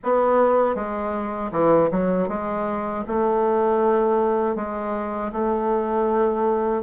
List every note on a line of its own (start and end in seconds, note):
0.03 0.75 B3
0.75 1.51 G#3
1.51 1.89 E3
1.91 2.28 F#3
2.28 3.04 G#3
3.07 4.55 A3
4.55 5.31 G#3
5.32 6.83 A3